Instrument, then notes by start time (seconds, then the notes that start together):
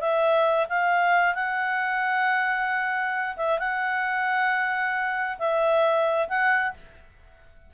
clarinet
0.00 E5
0.69 F5
1.35 F#5
3.37 E5
3.59 F#5
5.39 E5
6.29 F#5